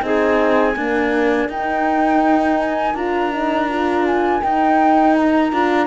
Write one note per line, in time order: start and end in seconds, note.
0.00 0.75 C4
0.00 0.73 D#4
0.00 0.77 G#4
0.00 1.50 G#5
0.76 1.50 A#3
0.76 1.49 D4
0.76 5.87 A#4
1.49 2.94 D#4
1.49 2.96 D#4
1.49 2.59 G5
2.59 2.95 G#5
2.94 4.41 D4
2.94 3.31 F4
2.94 4.05 A#5
3.31 3.68 D#4
3.69 4.42 F4
4.06 4.42 G#5
4.42 5.51 D#4
4.42 5.52 D#4
4.42 5.16 G5
5.16 5.87 A#5
5.51 5.87 D4
5.51 5.87 F4